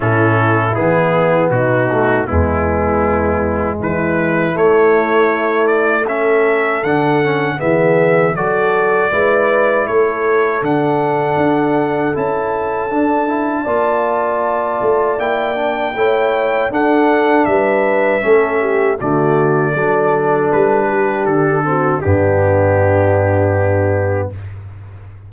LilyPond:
<<
  \new Staff \with { instrumentName = "trumpet" } { \time 4/4 \tempo 4 = 79 a'4 gis'4 fis'4 e'4~ | e'4 b'4 cis''4. d''8 | e''4 fis''4 e''4 d''4~ | d''4 cis''4 fis''2 |
a''1 | g''2 fis''4 e''4~ | e''4 d''2 b'4 | a'4 g'2. | }
  \new Staff \with { instrumentName = "horn" } { \time 4/4 e'2 dis'4 b4~ | b4 e'2. | a'2 gis'4 a'4 | b'4 a'2.~ |
a'2 d''2~ | d''4 cis''4 a'4 b'4 | a'8 g'8 fis'4 a'4. g'8~ | g'8 fis'8 d'2. | }
  \new Staff \with { instrumentName = "trombone" } { \time 4/4 cis'4 b4. a8 gis4~ | gis2 a2 | cis'4 d'8 cis'8 b4 fis'4 | e'2 d'2 |
e'4 d'8 e'8 f'2 | e'8 d'8 e'4 d'2 | cis'4 a4 d'2~ | d'8 c'8 b2. | }
  \new Staff \with { instrumentName = "tuba" } { \time 4/4 a,4 e4 b,4 e,4~ | e,4 e4 a2~ | a4 d4 e4 fis4 | gis4 a4 d4 d'4 |
cis'4 d'4 ais4. a8 | ais4 a4 d'4 g4 | a4 d4 fis4 g4 | d4 g,2. | }
>>